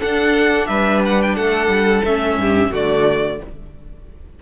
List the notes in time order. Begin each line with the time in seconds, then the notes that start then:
0.00 D4 A4 F#5
0.67 G3 B4 E5
1.06 F#5
1.22 G5
1.36 A3 A4 F#5
1.68 G3
2.05 A3 C#4 E5
2.37 G2 G4
2.71 D3 A3 F#4 D5